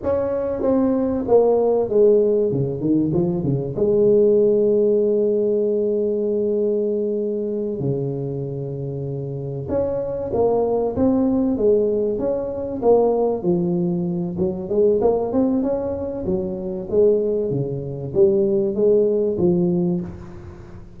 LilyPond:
\new Staff \with { instrumentName = "tuba" } { \time 4/4 \tempo 4 = 96 cis'4 c'4 ais4 gis4 | cis8 dis8 f8 cis8 gis2~ | gis1~ | gis8 cis2. cis'8~ |
cis'8 ais4 c'4 gis4 cis'8~ | cis'8 ais4 f4. fis8 gis8 | ais8 c'8 cis'4 fis4 gis4 | cis4 g4 gis4 f4 | }